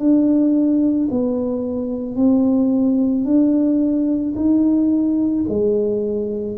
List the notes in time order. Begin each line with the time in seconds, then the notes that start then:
0.00 D4
1.11 B3
2.16 C4
3.25 D4
4.36 D#4
5.49 G#3